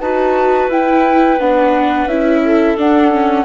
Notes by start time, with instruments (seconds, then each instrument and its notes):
0.00 bassoon D#4, viola F#4, clarinet B4, flute A5
0.69 bassoon E4, viola E4, flute G5
1.40 bassoon B3, viola D4, flute F#5
2.06 bassoon C#4, viola E4, flute E5
2.44 clarinet A4
2.77 viola D4, bassoon D4, flute F#5
3.12 viola C#4